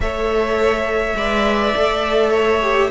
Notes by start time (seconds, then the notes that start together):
0.00 A3 A4 C#5 E5
1.15 G#3 B4 D5
1.75 A3 A4
2.29 C#5
2.61 G4